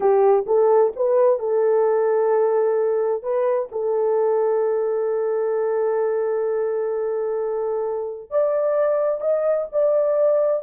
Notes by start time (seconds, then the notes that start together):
0.00 G4
0.46 A4
0.96 B4
1.39 A4
3.22 B4
3.71 A4
8.30 D5
9.21 D#5
9.72 D5